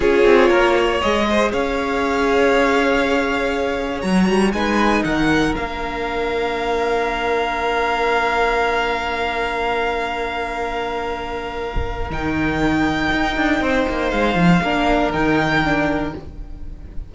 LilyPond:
<<
  \new Staff \with { instrumentName = "violin" } { \time 4/4 \tempo 4 = 119 cis''2 dis''4 f''4~ | f''1 | ais''4 gis''4 fis''4 f''4~ | f''1~ |
f''1~ | f''1 | g''1 | f''2 g''2 | }
  \new Staff \with { instrumentName = "violin" } { \time 4/4 gis'4 ais'8 cis''4 c''8 cis''4~ | cis''1~ | cis''4 b'4 ais'2~ | ais'1~ |
ais'1~ | ais'1~ | ais'2. c''4~ | c''4 ais'2. | }
  \new Staff \with { instrumentName = "viola" } { \time 4/4 f'2 gis'2~ | gis'1 | fis'4 dis'2 d'4~ | d'1~ |
d'1~ | d'1 | dis'1~ | dis'4 d'4 dis'4 d'4 | }
  \new Staff \with { instrumentName = "cello" } { \time 4/4 cis'8 c'8 ais4 gis4 cis'4~ | cis'1 | fis8 g8 gis4 dis4 ais4~ | ais1~ |
ais1~ | ais1 | dis2 dis'8 d'8 c'8 ais8 | gis8 f8 ais4 dis2 | }
>>